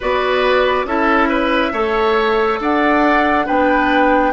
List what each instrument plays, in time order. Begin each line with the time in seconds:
0.00 bassoon B3, clarinet F#4, oboe B4, flute D5
0.84 bassoon C#4, clarinet E4, oboe A4, flute E5
1.28 oboe B4
1.72 bassoon A3, clarinet A4, oboe C#5
2.60 bassoon D4, oboe D5, flute F#5
3.45 bassoon B3, clarinet D4, oboe B4, flute G5